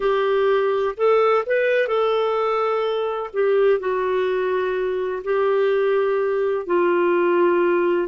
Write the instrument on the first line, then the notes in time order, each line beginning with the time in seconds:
clarinet
0.00 G4
0.97 A4
1.45 B4
1.87 A4
3.33 G4
3.79 F#4
5.23 G4
6.66 F4